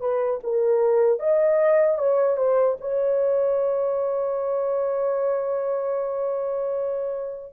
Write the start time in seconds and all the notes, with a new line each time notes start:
0.00 B4
0.43 A#4
1.19 D#5
1.98 C#5
2.37 C5
2.80 C#5